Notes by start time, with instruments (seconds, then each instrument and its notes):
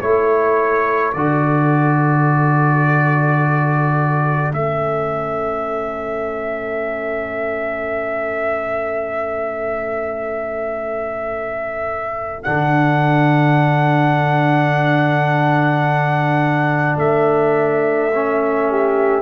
0.00 tuba A3, trombone E4, horn A4, trumpet C#5
1.12 tuba D3, trombone F#4, trumpet D5
4.52 tuba A3, trombone C#4, trumpet E5
12.43 tuba D3, trombone D4, trumpet F#5
16.96 tuba A3, trumpet E5
18.14 trombone C#4
18.69 horn G4